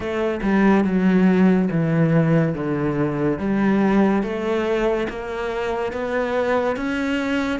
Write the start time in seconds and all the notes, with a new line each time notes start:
0.00 A3
0.42 G3
0.84 F#3
1.71 E3
2.54 D3
3.38 G3
4.23 A3
5.09 A#3
5.92 B3
6.76 C#4